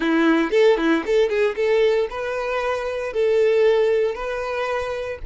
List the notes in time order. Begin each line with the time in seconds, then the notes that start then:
0.00 E4
0.51 A4
0.77 E4
1.06 A4
1.29 G#4
1.56 A4
2.09 B4
3.13 A4
4.14 B4